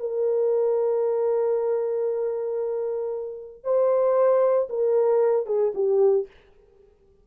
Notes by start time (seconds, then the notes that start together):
0.00 A#4
3.64 C5
4.70 A#4
5.47 G#4
5.75 G4